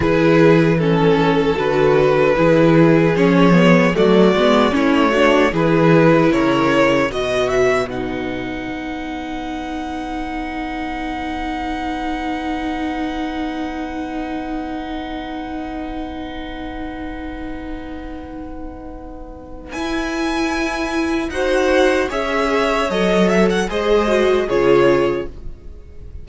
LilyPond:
<<
  \new Staff \with { instrumentName = "violin" } { \time 4/4 \tempo 4 = 76 b'4 a'4 b'2 | cis''4 d''4 cis''4 b'4 | cis''4 dis''8 e''8 fis''2~ | fis''1~ |
fis''1~ | fis''1~ | fis''4 gis''2 fis''4 | e''4 dis''8 e''16 fis''16 dis''4 cis''4 | }
  \new Staff \with { instrumentName = "violin" } { \time 4/4 gis'4 a'2 gis'4~ | gis'4 fis'4 e'8 fis'8 gis'4 | ais'4 b'2.~ | b'1~ |
b'1~ | b'1~ | b'2. c''4 | cis''2 c''4 gis'4 | }
  \new Staff \with { instrumentName = "viola" } { \time 4/4 e'4 cis'4 fis'4 e'4 | cis'8 b8 a8 b8 cis'8 d'8 e'4~ | e'4 fis'4 dis'2~ | dis'1~ |
dis'1~ | dis'1~ | dis'4 e'2 fis'4 | gis'4 a'4 gis'8 fis'8 f'4 | }
  \new Staff \with { instrumentName = "cello" } { \time 4/4 e2 d4 e4 | f4 fis8 gis8 a4 e4 | cis4 b,2 b4~ | b1~ |
b1~ | b1~ | b4 e'2 dis'4 | cis'4 fis4 gis4 cis4 | }
>>